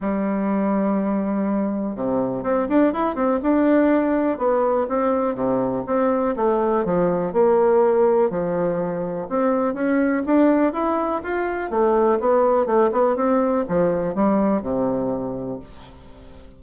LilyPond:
\new Staff \with { instrumentName = "bassoon" } { \time 4/4 \tempo 4 = 123 g1 | c4 c'8 d'8 e'8 c'8 d'4~ | d'4 b4 c'4 c4 | c'4 a4 f4 ais4~ |
ais4 f2 c'4 | cis'4 d'4 e'4 f'4 | a4 b4 a8 b8 c'4 | f4 g4 c2 | }